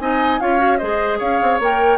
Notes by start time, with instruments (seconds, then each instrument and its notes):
0.00 bassoon C4, clarinet D#4, oboe D#5, flute G#5
0.41 bassoon C#4, clarinet F4, oboe C#5, flute F5
0.59 clarinet F#4
0.78 bassoon G#3, clarinet G#4, oboe C5, flute D#5
1.19 bassoon C#4, oboe C#5, flute F5
1.42 bassoon C4
1.60 bassoon A#3, clarinet A#4, flute G5